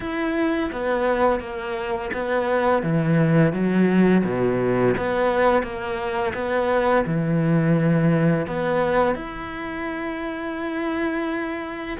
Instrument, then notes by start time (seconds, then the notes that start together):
cello
0.00 E4
0.72 B3
1.40 A#3
2.13 B3
2.82 E3
3.52 F#3
4.24 B2
4.97 B3
5.62 A#3
6.34 B3
7.06 E3
8.46 B3
9.15 E4